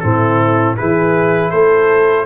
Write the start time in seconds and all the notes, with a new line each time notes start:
0.00 A2 C4 A4
0.06 E4
0.76 E3 E4 G#4 B4
1.50 A3 A4 C5